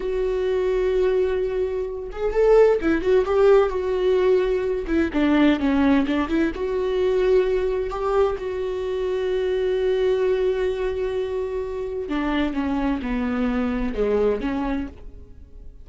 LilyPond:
\new Staff \with { instrumentName = "viola" } { \time 4/4 \tempo 4 = 129 fis'1~ | fis'8 gis'8 a'4 e'8 fis'8 g'4 | fis'2~ fis'8 e'8 d'4 | cis'4 d'8 e'8 fis'2~ |
fis'4 g'4 fis'2~ | fis'1~ | fis'2 d'4 cis'4 | b2 gis4 cis'4 | }